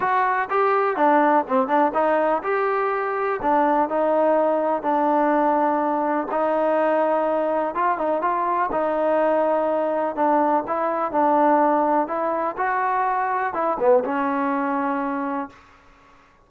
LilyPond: \new Staff \with { instrumentName = "trombone" } { \time 4/4 \tempo 4 = 124 fis'4 g'4 d'4 c'8 d'8 | dis'4 g'2 d'4 | dis'2 d'2~ | d'4 dis'2. |
f'8 dis'8 f'4 dis'2~ | dis'4 d'4 e'4 d'4~ | d'4 e'4 fis'2 | e'8 b8 cis'2. | }